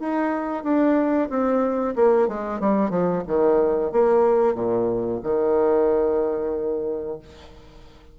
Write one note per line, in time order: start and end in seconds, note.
0.00 0.64 D#4
0.64 1.29 D4
1.30 1.95 C4
1.96 2.29 A#3
2.29 2.60 G#3
2.60 2.91 G3
2.91 3.23 F3
3.28 3.92 D#3
3.92 4.55 A#3
4.55 5.21 A#2
5.24 7.19 D#3